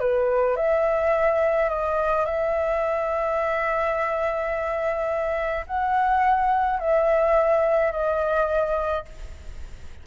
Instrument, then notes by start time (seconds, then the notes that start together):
flute
0.00 B4
0.56 E5
1.70 D#5
2.26 E5
5.67 F#5
6.80 E5
7.92 D#5